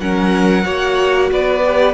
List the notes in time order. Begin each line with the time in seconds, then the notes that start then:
0.00 F#3 C#4 A#4 F#5
0.63 A#3 F#4 C#5
1.32 B3 B4 D5
1.65 G4